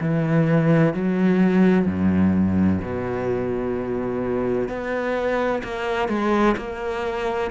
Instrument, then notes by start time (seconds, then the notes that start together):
cello
0.00 E3
0.93 F#3
1.85 F#2
2.81 B2
4.68 B3
5.63 A#3
6.09 G#3
6.57 A#3